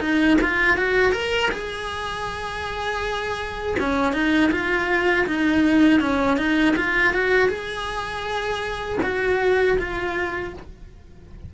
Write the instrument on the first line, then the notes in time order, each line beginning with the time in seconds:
cello
0.00 D#4
0.41 F4
0.77 F#4
1.12 A#4
1.51 G#4
3.79 C#4
4.13 D#4
4.51 F4
5.26 D#4
6.00 C#4
6.37 D#4
6.76 F4
7.14 F#4
7.49 G#4
9.03 F#4
9.78 F4